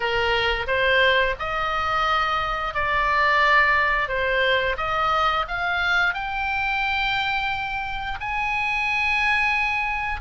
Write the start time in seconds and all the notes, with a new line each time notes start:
0.00 A#4
0.67 C5
1.39 D#5
2.74 D5
4.08 C5
4.77 D#5
5.48 F5
6.14 G5
8.20 G#5